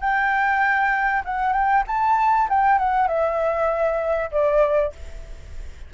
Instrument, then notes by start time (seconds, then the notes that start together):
flute
0.00 G5
1.24 F#5
1.53 G5
1.87 A5
2.49 G5
2.78 F#5
3.08 E5
4.31 D5